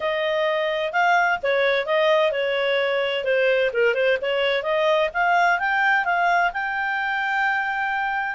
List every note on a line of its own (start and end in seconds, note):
0.00 0.92 D#5
0.92 1.38 F5
1.42 1.85 C#5
1.85 2.31 D#5
2.31 3.24 C#5
3.24 3.70 C5
3.73 3.94 A#4
3.94 4.17 C5
4.21 4.63 C#5
4.63 5.09 D#5
5.13 5.59 F5
5.59 6.04 G5
6.04 6.51 F5
6.53 8.35 G5